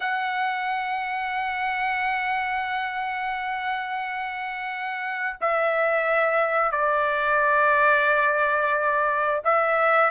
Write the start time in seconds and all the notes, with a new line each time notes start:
0.00 F#5
5.40 E5
6.71 D5
9.44 E5